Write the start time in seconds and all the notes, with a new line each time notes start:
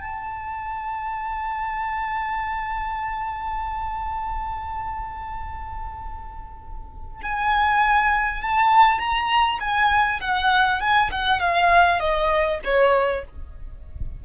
0.00 A5
7.22 G#5
8.42 A5
8.99 A#5
9.60 G#5
10.20 F#5
10.80 G#5
11.11 F#5
11.39 F5
11.99 D#5
12.64 C#5